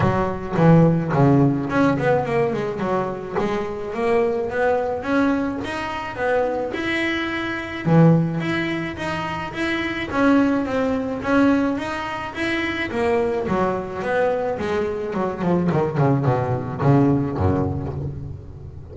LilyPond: \new Staff \with { instrumentName = "double bass" } { \time 4/4 \tempo 4 = 107 fis4 e4 cis4 cis'8 b8 | ais8 gis8 fis4 gis4 ais4 | b4 cis'4 dis'4 b4 | e'2 e4 e'4 |
dis'4 e'4 cis'4 c'4 | cis'4 dis'4 e'4 ais4 | fis4 b4 gis4 fis8 f8 | dis8 cis8 b,4 cis4 fis,4 | }